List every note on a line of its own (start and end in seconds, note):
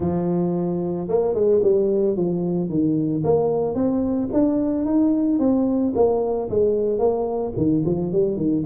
0.00 1.08 F3
1.08 1.34 A#3
1.34 1.61 G#3
1.62 2.16 G3
2.16 2.69 F3
2.69 3.23 D#3
3.24 3.74 A#3
3.74 4.29 C4
4.32 4.85 D4
4.85 5.39 D#4
5.39 5.93 C4
5.95 6.49 A#3
6.49 6.99 G#3
6.99 7.53 A#3
7.57 7.84 D#3
7.85 8.12 F3
8.12 8.36 G3
8.36 8.63 D#3